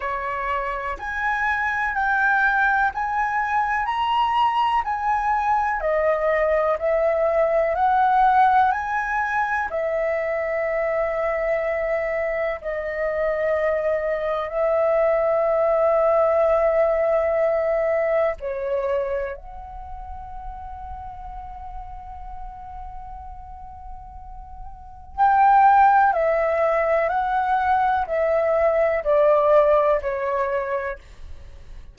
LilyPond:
\new Staff \with { instrumentName = "flute" } { \time 4/4 \tempo 4 = 62 cis''4 gis''4 g''4 gis''4 | ais''4 gis''4 dis''4 e''4 | fis''4 gis''4 e''2~ | e''4 dis''2 e''4~ |
e''2. cis''4 | fis''1~ | fis''2 g''4 e''4 | fis''4 e''4 d''4 cis''4 | }